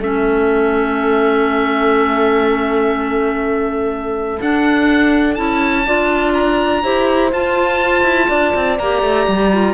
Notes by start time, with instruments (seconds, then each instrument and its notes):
0.00 cello A3, clarinet C#4, horn A4, oboe E5
4.41 clarinet D4, cello D4, oboe F#5
5.35 cello C#4, clarinet E4, oboe A5
5.86 cello D4, clarinet F4, horn D5
6.34 oboe A#5
6.83 cello E4, clarinet G4, horn C5
7.32 clarinet F4, cello F4, oboe A5
8.04 cello E4
8.29 cello D4, horn D5
8.55 cello C4
8.79 cello A#3, clarinet G4, oboe A#5
9.03 cello A3
9.28 cello G3
9.53 clarinet F4